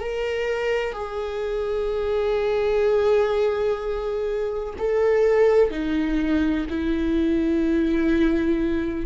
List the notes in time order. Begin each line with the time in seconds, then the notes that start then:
0.00 A#4
0.93 G#4
4.78 A4
5.71 D#4
6.70 E4